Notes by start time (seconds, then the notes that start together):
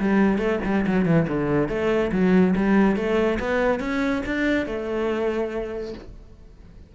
0.00 G3
0.38 A3
0.65 G3
0.87 F#3
1.06 E3
1.28 D3
1.69 A3
2.12 F#3
2.56 G3
2.97 A3
3.40 B3
3.80 C#4
4.26 D4
4.67 A3